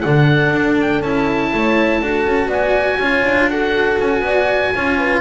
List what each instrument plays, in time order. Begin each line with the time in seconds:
0.00 double bass D3, cello D4, horn A4, oboe F#5
0.52 double bass D4
0.80 oboe G5
1.01 double bass C#4, cello E4, oboe A5
1.53 double bass A3, horn C#5
2.00 double bass D4, cello F#4, horn A4
2.25 double bass C#4
2.47 double bass B3, horn D5, oboe G#5
2.98 double bass C#4, cello F4, horn C#5
3.23 double bass D4
3.49 cello F#4, horn A4, oboe F#5
4.00 double bass C#4, oboe G#5
4.20 double bass B3, horn D5
4.74 double bass C#4, cello F4, horn C#5
4.98 horn B4